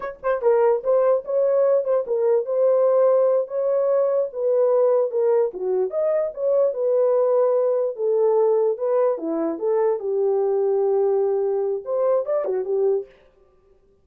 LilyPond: \new Staff \with { instrumentName = "horn" } { \time 4/4 \tempo 4 = 147 cis''8 c''8 ais'4 c''4 cis''4~ | cis''8 c''8 ais'4 c''2~ | c''8 cis''2 b'4.~ | b'8 ais'4 fis'4 dis''4 cis''8~ |
cis''8 b'2. a'8~ | a'4. b'4 e'4 a'8~ | a'8 g'2.~ g'8~ | g'4 c''4 d''8 fis'8 g'4 | }